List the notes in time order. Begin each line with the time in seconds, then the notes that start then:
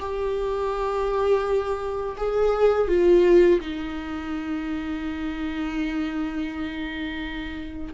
0.00 G4
2.18 G#4
2.88 F4
3.61 D#4